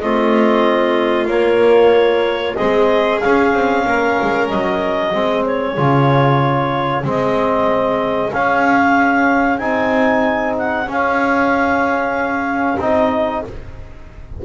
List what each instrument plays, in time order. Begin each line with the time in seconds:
0.00 double bass A3, trombone C4, violin F4, clarinet D#5
1.27 double bass A#3, trombone A#3, clarinet C#5
2.56 double bass G#3, trombone C4, violin G#4, clarinet D#5
3.20 trombone C#4, double bass C#4, clarinet F5
3.53 double bass C4
3.85 double bass A#3, violin A#4
4.22 double bass G#3
4.49 double bass F#3, clarinet D#5
5.12 double bass G#3, trombone C4, violin G#4
5.45 clarinet C#5
5.76 double bass C#3, trombone F4
7.04 double bass G#3, trombone C4, clarinet D#5
8.32 double bass C#4, trombone C#4, clarinet F5
9.58 double bass C4, trombone D#4, clarinet G#5
10.58 clarinet F#5
10.86 double bass C#4, trombone C#4, clarinet F5
12.79 double bass C4, trombone D#4, clarinet D#5